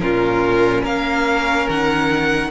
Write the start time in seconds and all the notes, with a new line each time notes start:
0.00 A#2 C#4 F4 A#4
0.82 A#3 A#4 F5
1.69 D#3 F#5